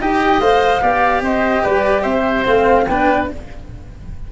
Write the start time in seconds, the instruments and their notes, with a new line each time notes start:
0.00 tuba D#4, cello G4, oboe D#5, flute G5
0.40 tuba A3, cello C5, flute F5
0.81 tuba B3, cello G4, oboe D5
1.21 tuba C4, oboe C5, flute D#5
1.63 tuba G3, oboe B4, flute D5
2.02 tuba C4, oboe C5, flute E5
2.45 tuba A3, cello C4, flute F5
2.87 tuba B3, cello D4, oboe B4, flute G5